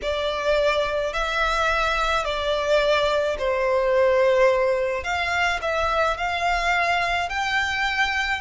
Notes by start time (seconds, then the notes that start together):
0.02 D5
1.13 E5
2.24 D5
3.38 C5
5.03 F5
5.61 E5
6.17 F5
7.29 G5